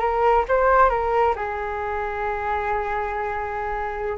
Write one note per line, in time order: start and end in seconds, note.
0.00 0.45 A#4
0.49 0.90 C5
0.90 1.35 A#4
1.36 4.18 G#4